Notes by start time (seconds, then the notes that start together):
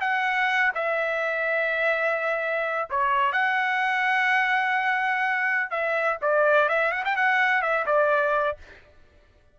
0.00 F#5
0.74 E5
2.90 C#5
3.32 F#5
5.70 E5
6.21 D5
6.68 E5
6.91 F#5
7.04 G5
7.16 F#5
7.61 E5
7.85 D5